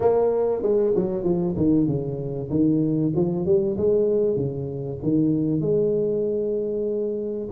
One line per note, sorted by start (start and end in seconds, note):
0.00 0.62 A#3
0.62 0.93 G#3
0.95 1.23 F#3
1.23 1.54 F3
1.56 1.86 D#3
1.86 2.49 C#3
2.50 3.12 D#3
3.15 3.45 F3
3.45 3.76 G3
3.77 4.36 G#3
4.36 4.98 C#3
5.03 5.61 D#3
5.61 7.48 G#3